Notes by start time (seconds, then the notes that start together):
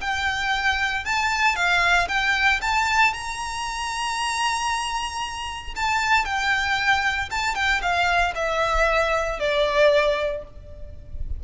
0.00 G5
1.05 A5
1.55 F5
2.08 G5
2.61 A5
3.13 A#5
5.76 A5
6.24 G5
7.30 A5
7.54 G5
7.81 F5
8.35 E5
9.39 D5